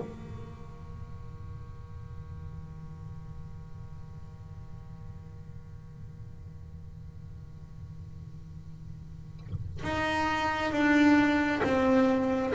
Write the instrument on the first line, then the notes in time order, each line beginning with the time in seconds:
double bass
0.00 D#3
9.84 D#4
10.72 D4
11.64 C4